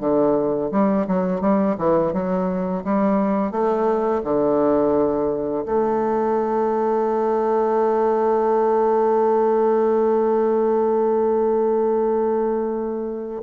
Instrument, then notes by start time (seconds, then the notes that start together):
bassoon
0.00 D3
0.72 G3
1.07 F#3
1.41 G3
1.78 E3
2.13 F#3
2.84 G3
3.51 A3
4.24 D3
5.66 A3